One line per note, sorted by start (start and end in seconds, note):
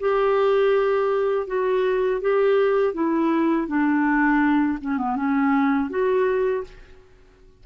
0.00 1.47 G4
1.47 2.21 F#4
2.21 2.94 G4
2.94 3.68 E4
3.68 4.79 D4
4.81 4.98 C#4
4.98 5.16 B3
5.16 5.90 C#4
5.90 6.64 F#4